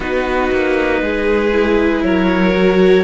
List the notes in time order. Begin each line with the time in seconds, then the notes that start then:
0.00 B3 D#4 F#4 B4
0.51 A#3
1.01 G#3 G#4
1.51 E4
2.03 F#3 A#4 C#5
2.54 F#4